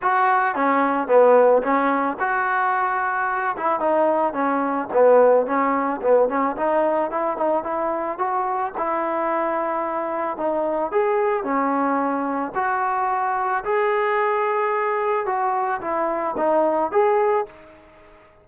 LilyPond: \new Staff \with { instrumentName = "trombone" } { \time 4/4 \tempo 4 = 110 fis'4 cis'4 b4 cis'4 | fis'2~ fis'8 e'8 dis'4 | cis'4 b4 cis'4 b8 cis'8 | dis'4 e'8 dis'8 e'4 fis'4 |
e'2. dis'4 | gis'4 cis'2 fis'4~ | fis'4 gis'2. | fis'4 e'4 dis'4 gis'4 | }